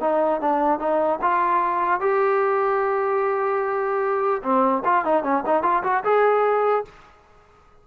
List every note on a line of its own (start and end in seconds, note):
0.00 0.40 D#4
0.40 0.79 D4
0.79 1.19 D#4
1.21 2.00 F4
2.00 4.41 G4
4.42 4.82 C4
4.84 5.04 F4
5.04 5.23 D#4
5.23 5.43 C#4
5.45 5.62 D#4
5.62 5.82 F4
5.83 6.03 F#4
6.04 6.84 G#4